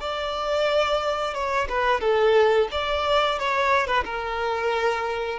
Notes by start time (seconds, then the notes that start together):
0.00 D5
1.34 C#5
1.69 B4
2.01 A4
2.71 D5
3.39 C#5
3.87 B4
4.04 A#4